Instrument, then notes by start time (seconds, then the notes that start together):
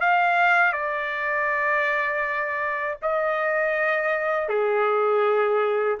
trumpet
0.00 F5
0.72 D5
3.02 D#5
4.48 G#4